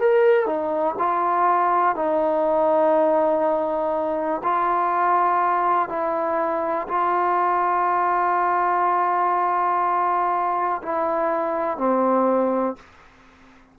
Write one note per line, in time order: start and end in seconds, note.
0.00 0.46 A#4
0.46 0.96 D#4
0.99 1.96 F4
1.96 4.42 D#4
4.44 5.89 F4
5.89 6.88 E4
6.88 10.82 F4
10.83 11.78 E4
11.78 12.76 C4